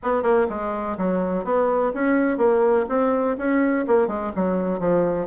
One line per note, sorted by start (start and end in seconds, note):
0.02 0.22 B3
0.22 0.46 A#3
0.49 0.97 G#3
0.97 1.44 F#3
1.44 1.92 B3
1.94 2.37 C#4
2.37 2.85 A#3
2.88 3.36 C4
3.37 3.85 C#4
3.87 4.07 A#3
4.07 4.31 G#3
4.35 4.79 F#3
4.79 5.27 F3